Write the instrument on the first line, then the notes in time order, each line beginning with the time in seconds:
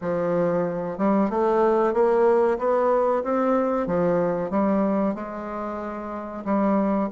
bassoon
0.01 F3
0.98 G3
1.30 A3
1.93 A#3
2.58 B3
3.23 C4
3.87 F3
4.50 G3
5.14 G#3
6.44 G3